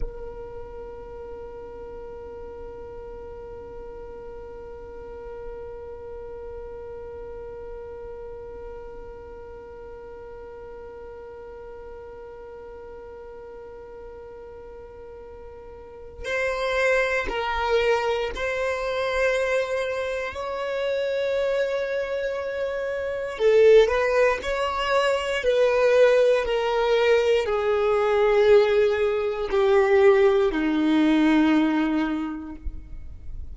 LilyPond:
\new Staff \with { instrumentName = "violin" } { \time 4/4 \tempo 4 = 59 ais'1~ | ais'1~ | ais'1~ | ais'1 |
c''4 ais'4 c''2 | cis''2. a'8 b'8 | cis''4 b'4 ais'4 gis'4~ | gis'4 g'4 dis'2 | }